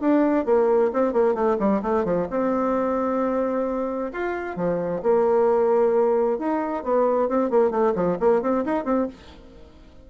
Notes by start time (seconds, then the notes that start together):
0.00 D4
0.45 A#3
0.93 C4
1.13 A#3
1.34 A3
1.58 G3
1.82 A3
2.04 F3
2.30 C4
4.12 F4
4.56 F3
5.02 A#3
6.38 D#4
6.83 B3
7.28 C4
7.50 A#3
7.70 A3
7.95 F3
8.19 A#3
8.42 C4
8.65 D#4
8.84 C4